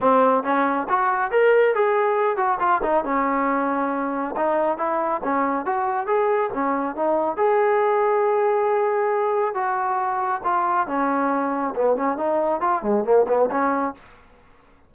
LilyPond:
\new Staff \with { instrumentName = "trombone" } { \time 4/4 \tempo 4 = 138 c'4 cis'4 fis'4 ais'4 | gis'4. fis'8 f'8 dis'8 cis'4~ | cis'2 dis'4 e'4 | cis'4 fis'4 gis'4 cis'4 |
dis'4 gis'2.~ | gis'2 fis'2 | f'4 cis'2 b8 cis'8 | dis'4 f'8 gis8 ais8 b8 cis'4 | }